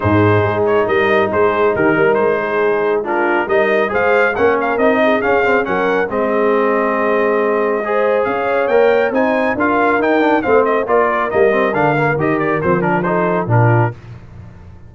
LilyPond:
<<
  \new Staff \with { instrumentName = "trumpet" } { \time 4/4 \tempo 4 = 138 c''4. cis''8 dis''4 c''4 | ais'4 c''2 ais'4 | dis''4 f''4 fis''8 f''8 dis''4 | f''4 fis''4 dis''2~ |
dis''2. f''4 | g''4 gis''4 f''4 g''4 | f''8 dis''8 d''4 dis''4 f''4 | dis''8 d''8 c''8 ais'8 c''4 ais'4 | }
  \new Staff \with { instrumentName = "horn" } { \time 4/4 gis'2 ais'4 gis'4 | g'8 ais'4 gis'4. f'4 | ais'4 c''4 ais'4. gis'8~ | gis'4 ais'4 gis'2~ |
gis'2 c''4 cis''4~ | cis''4 c''4 ais'2 | c''4 ais'2.~ | ais'2 a'4 f'4 | }
  \new Staff \with { instrumentName = "trombone" } { \time 4/4 dis'1~ | dis'2. d'4 | dis'4 gis'4 cis'4 dis'4 | cis'8 c'8 cis'4 c'2~ |
c'2 gis'2 | ais'4 dis'4 f'4 dis'8 d'8 | c'4 f'4 ais8 c'8 d'8 ais8 | g'4 c'8 d'8 dis'4 d'4 | }
  \new Staff \with { instrumentName = "tuba" } { \time 4/4 gis,4 gis4 g4 gis4 | dis8 g8 gis2. | g4 gis4 ais4 c'4 | cis'4 fis4 gis2~ |
gis2. cis'4 | ais4 c'4 d'4 dis'4 | a4 ais4 g4 d4 | dis4 f2 ais,4 | }
>>